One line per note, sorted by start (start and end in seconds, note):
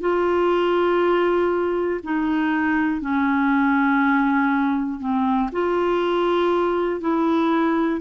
0.00 2.00 F4
2.03 3.01 D#4
3.01 5.00 C#4
5.00 5.50 C4
5.52 7.00 F4
7.00 8.00 E4